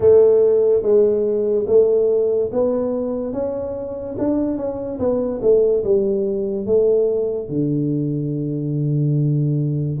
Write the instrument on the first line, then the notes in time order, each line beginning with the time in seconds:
tuba
0.00 A3
0.82 G#3
1.67 A3
2.52 B3
3.33 C#4
4.18 D4
4.57 C#4
4.98 B3
5.42 A3
5.83 G3
6.66 A3
7.48 D3